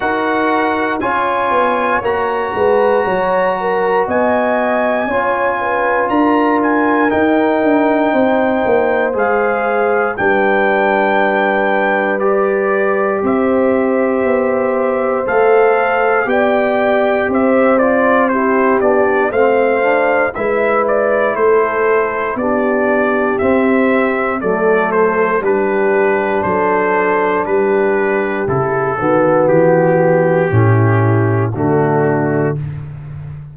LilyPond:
<<
  \new Staff \with { instrumentName = "trumpet" } { \time 4/4 \tempo 4 = 59 fis''4 gis''4 ais''2 | gis''2 ais''8 gis''8 g''4~ | g''4 f''4 g''2 | d''4 e''2 f''4 |
g''4 e''8 d''8 c''8 d''8 f''4 | e''8 d''8 c''4 d''4 e''4 | d''8 c''8 b'4 c''4 b'4 | a'4 g'2 fis'4 | }
  \new Staff \with { instrumentName = "horn" } { \time 4/4 ais'4 cis''4. b'8 cis''8 ais'8 | dis''4 cis''8 b'8 ais'2 | c''2 b'2~ | b'4 c''2. |
d''4 c''4 g'4 c''4 | b'4 a'4 g'2 | a'4 g'4 a'4 g'4~ | g'8 fis'4. e'4 d'4 | }
  \new Staff \with { instrumentName = "trombone" } { \time 4/4 fis'4 f'4 fis'2~ | fis'4 f'2 dis'4~ | dis'4 gis'4 d'2 | g'2. a'4 |
g'4. f'8 e'8 d'8 c'8 d'8 | e'2 d'4 c'4 | a4 d'2. | e'8 b4. cis'4 a4 | }
  \new Staff \with { instrumentName = "tuba" } { \time 4/4 dis'4 cis'8 b8 ais8 gis8 fis4 | b4 cis'4 d'4 dis'8 d'8 | c'8 ais8 gis4 g2~ | g4 c'4 b4 a4 |
b4 c'4. b8 a4 | gis4 a4 b4 c'4 | fis4 g4 fis4 g4 | cis8 dis8 e4 a,4 d4 | }
>>